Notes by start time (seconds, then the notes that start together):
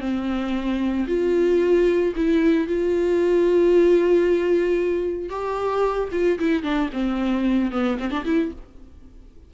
0.00 C4
1.07 F4
2.16 E4
2.67 F4
5.29 G4
6.12 F4
6.39 E4
6.63 D4
6.93 C4
7.71 B3
7.99 C4
8.10 D4
8.25 E4